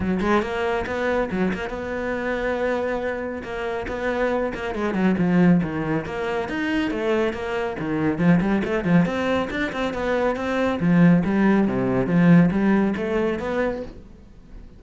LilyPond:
\new Staff \with { instrumentName = "cello" } { \time 4/4 \tempo 4 = 139 fis8 gis8 ais4 b4 fis8 ais8 | b1 | ais4 b4. ais8 gis8 fis8 | f4 dis4 ais4 dis'4 |
a4 ais4 dis4 f8 g8 | a8 f8 c'4 d'8 c'8 b4 | c'4 f4 g4 c4 | f4 g4 a4 b4 | }